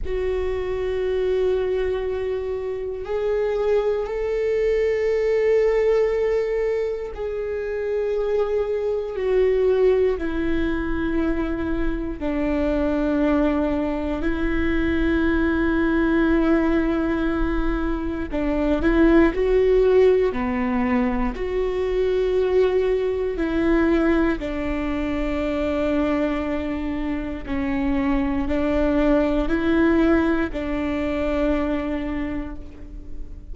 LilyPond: \new Staff \with { instrumentName = "viola" } { \time 4/4 \tempo 4 = 59 fis'2. gis'4 | a'2. gis'4~ | gis'4 fis'4 e'2 | d'2 e'2~ |
e'2 d'8 e'8 fis'4 | b4 fis'2 e'4 | d'2. cis'4 | d'4 e'4 d'2 | }